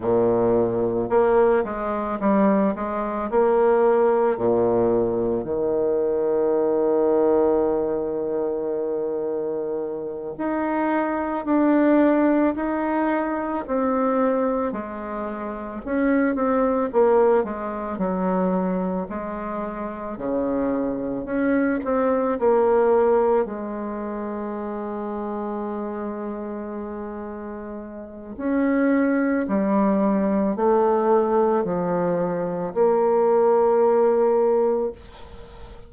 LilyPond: \new Staff \with { instrumentName = "bassoon" } { \time 4/4 \tempo 4 = 55 ais,4 ais8 gis8 g8 gis8 ais4 | ais,4 dis2.~ | dis4. dis'4 d'4 dis'8~ | dis'8 c'4 gis4 cis'8 c'8 ais8 |
gis8 fis4 gis4 cis4 cis'8 | c'8 ais4 gis2~ gis8~ | gis2 cis'4 g4 | a4 f4 ais2 | }